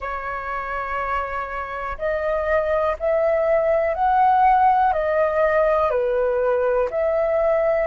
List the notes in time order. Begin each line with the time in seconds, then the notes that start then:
0.00 C#5
1.98 D#5
2.99 E5
3.94 F#5
4.92 D#5
5.90 B4
6.90 E5